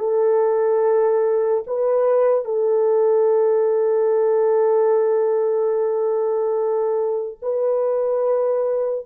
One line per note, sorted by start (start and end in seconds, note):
0.00 1.64 A4
1.67 2.45 B4
2.45 7.39 A4
7.42 9.06 B4